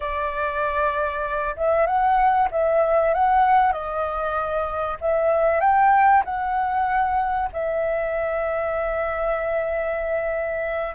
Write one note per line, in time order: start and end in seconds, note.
0.00 1.55 D5
1.56 1.86 E5
1.86 2.49 F#5
2.51 3.13 E5
3.14 3.72 F#5
3.72 4.97 D#5
5.00 5.60 E5
5.60 6.23 G5
6.24 7.49 F#5
7.52 10.95 E5